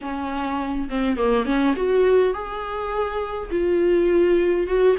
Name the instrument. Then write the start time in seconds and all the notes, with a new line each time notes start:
viola
0.01 C#4
0.89 C4
1.16 A#3
1.45 C#4
1.76 F#4
2.33 G#4
3.50 F4
4.67 F#4